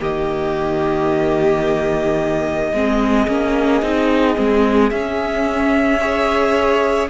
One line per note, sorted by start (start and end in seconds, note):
0.00 2.73 D#3
0.00 2.73 A#3
0.00 2.73 G4
0.00 4.90 D#5
2.73 3.27 G#3
2.73 3.28 C4
2.73 6.00 G#4
3.28 3.82 A#3
3.28 3.82 C#4
3.82 4.37 C4
3.82 4.35 D#4
4.35 4.91 G#3
4.35 4.90 C4
4.90 7.10 C#4
4.90 6.00 C#4
4.90 7.08 E5
6.00 7.10 G#4
6.00 7.10 C#5